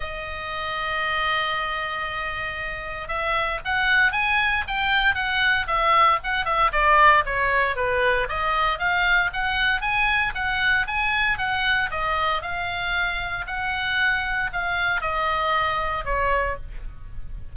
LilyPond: \new Staff \with { instrumentName = "oboe" } { \time 4/4 \tempo 4 = 116 dis''1~ | dis''2 e''4 fis''4 | gis''4 g''4 fis''4 e''4 | fis''8 e''8 d''4 cis''4 b'4 |
dis''4 f''4 fis''4 gis''4 | fis''4 gis''4 fis''4 dis''4 | f''2 fis''2 | f''4 dis''2 cis''4 | }